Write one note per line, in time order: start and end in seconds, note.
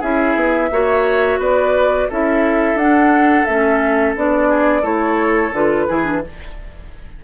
0.00 0.35 C#4
0.00 0.71 E4
0.00 0.69 G#4
0.00 1.40 E5
0.35 0.70 B3
0.71 1.39 A#3
0.71 2.09 F#4
0.71 1.39 C#5
1.39 2.07 B3
1.39 2.08 B4
1.39 2.10 D5
2.09 2.75 C#4
2.09 2.79 E4
2.09 4.49 A4
2.09 2.78 E5
2.75 3.44 D4
2.75 3.48 D4
2.75 3.45 F#5
3.45 4.16 A3
3.45 4.16 C#4
3.45 4.14 E5
4.16 4.83 B3
4.16 4.82 D4
4.16 4.85 D5
4.49 4.81 G#4
4.81 5.52 A3
4.81 5.51 E4
4.81 5.85 A4
4.81 5.54 C#5
5.52 5.87 D3
5.52 5.88 F4
5.52 6.24 B4
5.88 6.24 E3
5.88 6.04 E4
5.88 6.23 G#4
6.04 6.22 D4